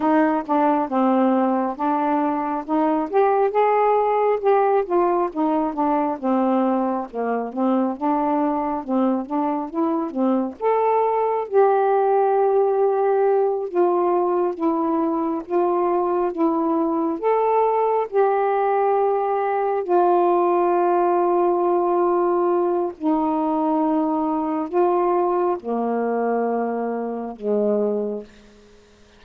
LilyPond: \new Staff \with { instrumentName = "saxophone" } { \time 4/4 \tempo 4 = 68 dis'8 d'8 c'4 d'4 dis'8 g'8 | gis'4 g'8 f'8 dis'8 d'8 c'4 | ais8 c'8 d'4 c'8 d'8 e'8 c'8 | a'4 g'2~ g'8 f'8~ |
f'8 e'4 f'4 e'4 a'8~ | a'8 g'2 f'4.~ | f'2 dis'2 | f'4 ais2 gis4 | }